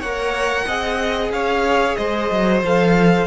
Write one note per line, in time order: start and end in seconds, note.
0.00 0.67 A#3
0.00 0.69 A#4
0.00 0.65 C#5
0.00 1.32 F#5
0.67 1.31 C4
0.67 2.64 G#4
0.67 1.32 D#5
1.31 1.96 C#4
1.31 1.98 C#5
1.31 1.96 F5
1.96 2.30 G#3
1.96 3.28 C5
1.96 2.62 D#5
2.30 2.63 F#3
2.63 3.28 F3
2.63 3.28 A4
2.63 3.28 F5